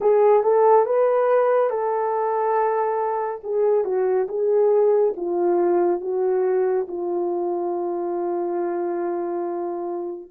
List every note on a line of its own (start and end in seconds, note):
0.00 0.43 G#4
0.43 0.85 A4
0.85 1.69 B4
1.69 3.41 A4
3.43 3.84 G#4
3.84 4.27 F#4
4.28 5.14 G#4
5.16 6.00 F4
6.00 6.86 F#4
6.88 10.31 F4